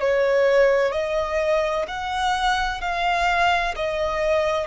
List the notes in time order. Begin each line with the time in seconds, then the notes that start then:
0.00 C#5
0.92 D#5
1.87 F#5
2.81 F5
3.75 D#5